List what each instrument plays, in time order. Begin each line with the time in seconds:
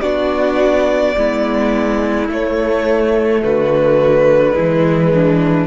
0.00 cello B3, viola D4, violin F#4 D5
1.16 cello G#3, viola B3, violin E4
2.28 viola A3, cello A3, violin C#5
3.42 cello D3, violin F#4 B4
4.51 viola G#3, violin E4
4.58 cello E3
5.13 violin D4